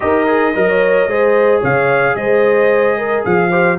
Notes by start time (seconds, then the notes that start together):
0.00 D#4 G4 A#4 D#5
0.27 G#4
0.54 F#3 A#4 D#5
0.68 C#5
1.07 G#3 G#4 C5
1.60 C#3 C#5 F5
2.15 G#3 C5 D#5
2.98 A#4
3.24 F3 G#4 F5
3.50 G4 C5